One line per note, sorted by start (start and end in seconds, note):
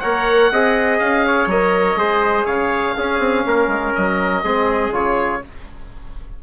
0.00 0.52 A#3
0.00 0.52 A#4
0.00 0.51 C#5
0.00 0.98 F#5
0.52 1.01 C4
0.52 1.51 G#4
0.52 1.26 D#5
0.99 1.47 C#4
0.99 1.49 F5
1.27 1.99 C#5
1.47 1.96 F#3
1.47 1.98 A#4
1.47 2.46 D#5
1.96 2.45 G#3
1.96 2.96 G#4
1.96 2.46 C5
2.46 2.96 C#3
2.46 2.95 C#5
2.46 3.94 F5
2.98 3.20 C#4
2.98 4.45 C#4
2.98 3.47 G#4
3.20 3.44 C4
3.47 3.68 A#3
3.47 4.45 A#4
3.68 3.93 G#3
3.96 4.44 F#3
3.96 4.94 D#5
4.44 4.91 G#3
4.44 4.92 C4
4.44 5.43 G#4
4.91 5.40 C#3
4.91 5.42 F4
4.91 5.43 C#5